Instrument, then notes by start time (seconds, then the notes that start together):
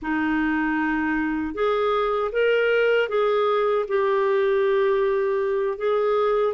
clarinet
0.02 D#4
1.54 G#4
2.31 A#4
3.08 G#4
3.87 G4
5.77 G#4